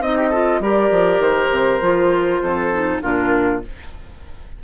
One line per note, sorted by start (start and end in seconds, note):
0.00 0.60 C4
0.00 0.32 D#4
0.00 0.17 D#5
0.00 0.62 D#5
0.17 0.29 G4
0.29 0.62 F4
0.29 0.59 A4
0.60 0.90 G3
0.60 1.81 G4
0.60 2.43 A#4
0.60 1.22 D5
0.91 1.19 F3
1.19 1.49 D#3
1.19 3.02 C5
1.51 1.81 C3
1.81 2.42 F3
1.81 2.71 F4
2.42 3.02 F2
2.42 3.02 A4
2.72 3.02 D#4
3.02 3.64 A#2
3.02 3.62 D4
3.02 3.62 F4
3.02 3.62 A#4